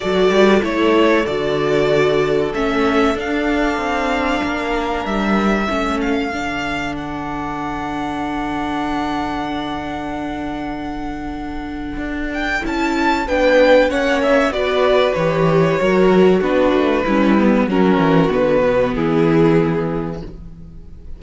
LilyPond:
<<
  \new Staff \with { instrumentName = "violin" } { \time 4/4 \tempo 4 = 95 d''4 cis''4 d''2 | e''4 f''2. | e''4. f''4. fis''4~ | fis''1~ |
fis''2.~ fis''8 g''8 | a''4 g''4 fis''8 e''8 d''4 | cis''2 b'2 | ais'4 b'4 gis'2 | }
  \new Staff \with { instrumentName = "violin" } { \time 4/4 a'1~ | a'2. ais'4~ | ais'4 a'2.~ | a'1~ |
a'1~ | a'4 b'4 cis''4 b'4~ | b'4 ais'4 fis'4 e'4 | fis'2 e'2 | }
  \new Staff \with { instrumentName = "viola" } { \time 4/4 fis'4 e'4 fis'2 | cis'4 d'2.~ | d'4 cis'4 d'2~ | d'1~ |
d'1 | e'4 d'4 cis'4 fis'4 | g'4 fis'4 d'4 cis'8 b8 | cis'4 b2. | }
  \new Staff \with { instrumentName = "cello" } { \time 4/4 fis8 g8 a4 d2 | a4 d'4 c'4 ais4 | g4 a4 d2~ | d1~ |
d2. d'4 | cis'4 b4 ais4 b4 | e4 fis4 b8 a8 g4 | fis8 e8 d8 b,8 e2 | }
>>